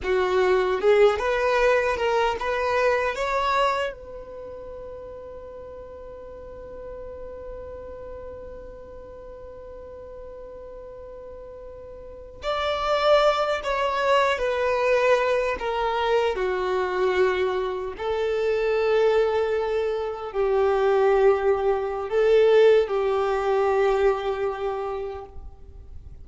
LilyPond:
\new Staff \with { instrumentName = "violin" } { \time 4/4 \tempo 4 = 76 fis'4 gis'8 b'4 ais'8 b'4 | cis''4 b'2.~ | b'1~ | b'2.~ b'8. d''16~ |
d''4~ d''16 cis''4 b'4. ais'16~ | ais'8. fis'2 a'4~ a'16~ | a'4.~ a'16 g'2~ g'16 | a'4 g'2. | }